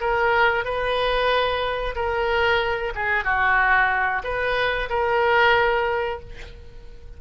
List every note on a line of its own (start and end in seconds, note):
0.00 0.65 A#4
0.65 1.95 B4
1.95 2.93 A#4
2.95 3.24 G#4
3.24 4.22 F#4
4.24 4.89 B4
4.90 6.20 A#4